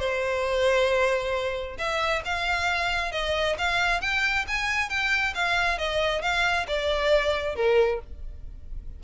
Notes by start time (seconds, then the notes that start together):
0.00 C5
1.78 E5
2.25 F5
3.12 D#5
3.59 F5
4.01 G5
4.48 G#5
4.90 G5
5.35 F5
5.78 D#5
6.22 F5
6.68 D5
7.56 A#4